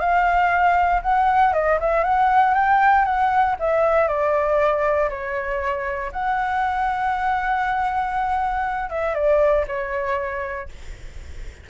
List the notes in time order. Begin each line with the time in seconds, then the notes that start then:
0.00 F5
1.03 F#5
1.53 D#5
1.81 E5
2.04 F#5
2.54 G5
3.05 F#5
3.60 E5
4.08 D5
5.10 C#5
6.12 F#5
8.90 E5
9.15 D5
9.68 C#5